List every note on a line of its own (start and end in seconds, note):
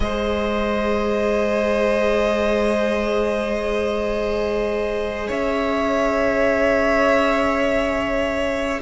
0.00 5.28 G#3
0.00 8.81 G#4
0.00 5.27 C5
0.00 5.29 D#5
5.27 8.81 C#4
5.27 8.80 C#5
5.27 8.81 E5